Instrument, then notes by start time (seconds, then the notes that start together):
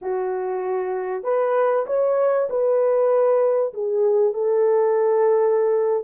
horn
0.01 F#4
1.23 B4
1.86 C#5
2.49 B4
3.73 G#4
4.33 A4